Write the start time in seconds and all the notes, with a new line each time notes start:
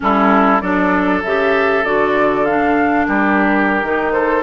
0.00 G3 C#4 E4 A4
0.60 F#3 D4 A4 D5
1.23 C#3 G4 E5
1.84 D3 F#4 D5
2.45 D4 F5
3.06 G3 G4 A#4
3.83 D#3 D#4
4.12 A4 C5